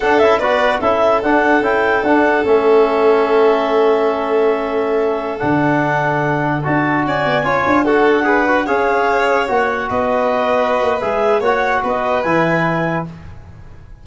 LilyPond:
<<
  \new Staff \with { instrumentName = "clarinet" } { \time 4/4 \tempo 4 = 147 fis''8 e''8 d''4 e''4 fis''4 | g''4 fis''4 e''2~ | e''1~ | e''4~ e''16 fis''2~ fis''8.~ |
fis''16 a''4 gis''2 fis''8.~ | fis''4~ fis''16 f''2 fis''8.~ | fis''16 dis''2~ dis''8. e''4 | fis''4 dis''4 gis''2 | }
  \new Staff \with { instrumentName = "violin" } { \time 4/4 a'4 b'4 a'2~ | a'1~ | a'1~ | a'1~ |
a'4~ a'16 d''4 cis''4 a'8.~ | a'16 b'4 cis''2~ cis''8.~ | cis''16 b'2.~ b'8. | cis''4 b'2. | }
  \new Staff \with { instrumentName = "trombone" } { \time 4/4 d'8 e'8 fis'4 e'4 d'4 | e'4 d'4 cis'2~ | cis'1~ | cis'4~ cis'16 d'2~ d'8.~ |
d'16 fis'2 f'4 fis'8.~ | fis'16 gis'8 fis'8 gis'2 fis'8.~ | fis'2. gis'4 | fis'2 e'2 | }
  \new Staff \with { instrumentName = "tuba" } { \time 4/4 d'8 cis'8 b4 cis'4 d'4 | cis'4 d'4 a2~ | a1~ | a4~ a16 d2~ d8.~ |
d16 d'4 cis'8 b8 cis'8 d'4~ d'16~ | d'4~ d'16 cis'2 ais8.~ | ais16 b2~ b16 ais8 gis4 | ais4 b4 e2 | }
>>